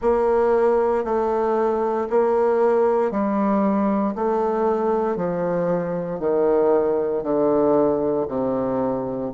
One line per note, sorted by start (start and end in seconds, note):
0.01 1.04 A#3
1.04 2.07 A3
2.09 3.11 A#3
3.11 4.14 G3
4.15 5.16 A3
5.16 6.19 F3
6.19 7.23 D#3
7.23 8.26 D3
8.28 9.31 C3